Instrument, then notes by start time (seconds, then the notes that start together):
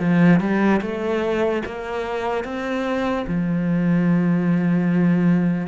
cello
0.00 F3
0.41 G3
0.82 A3
1.66 A#3
2.45 C4
3.28 F3